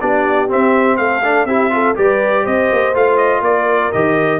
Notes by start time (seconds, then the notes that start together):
0.00 B3 D4 G4 D5
0.48 C4 E5
0.97 A3 A4 F5
1.23 D4
1.45 C4 E4 G4 E5
1.70 F4 A4
1.95 G3 G4 B4 D5
2.43 C4 C5 D#5
2.72 A#3
2.94 A3 F4 F5
3.17 D#5
3.41 A#3 A#4 D5
3.92 D#3 G4 D#5